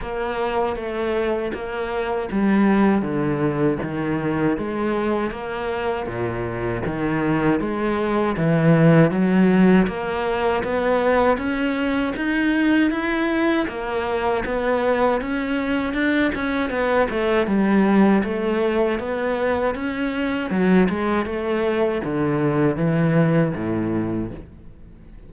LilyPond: \new Staff \with { instrumentName = "cello" } { \time 4/4 \tempo 4 = 79 ais4 a4 ais4 g4 | d4 dis4 gis4 ais4 | ais,4 dis4 gis4 e4 | fis4 ais4 b4 cis'4 |
dis'4 e'4 ais4 b4 | cis'4 d'8 cis'8 b8 a8 g4 | a4 b4 cis'4 fis8 gis8 | a4 d4 e4 a,4 | }